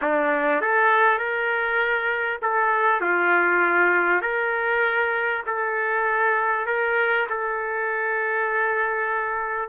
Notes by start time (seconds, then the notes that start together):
0.01 D4
0.61 A4
1.18 A#4
2.41 A4
3.00 F4
4.21 A#4
5.46 A4
6.66 A#4
7.29 A4